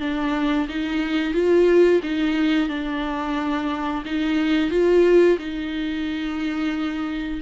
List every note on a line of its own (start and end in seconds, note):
0.00 0.67 D4
0.68 1.34 D#4
1.34 2.01 F4
2.03 2.69 D#4
2.69 4.04 D4
4.05 4.70 D#4
4.70 5.38 F4
5.38 7.41 D#4